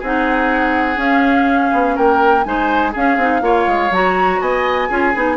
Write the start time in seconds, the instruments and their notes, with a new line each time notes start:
0.00 bassoon C4, clarinet D#4, oboe G#4, flute F#5
0.97 bassoon C#4, clarinet C#4, flute F5
1.73 bassoon B3
1.96 bassoon A#3, oboe A#4, flute G5
2.44 bassoon G#3, clarinet D#4, oboe C5, flute G#5
2.92 clarinet C#4, bassoon C#4, oboe G#4, flute F5
3.18 bassoon C4, clarinet D#4
3.42 bassoon A#3, clarinet F4, oboe C#5
3.68 bassoon G#3
3.91 bassoon F#3, clarinet F#4, flute A#5
4.41 bassoon B3, oboe D#5, flute G#5
4.89 bassoon C#4, clarinet F4, oboe G#4
5.15 bassoon B3, clarinet D#4